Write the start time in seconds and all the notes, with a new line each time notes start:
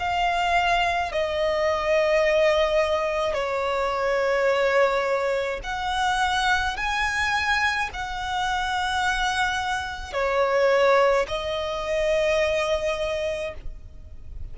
0.00 F5
1.12 D#5
3.34 C#5
5.64 F#5
6.77 G#5
7.93 F#5
10.13 C#5
11.28 D#5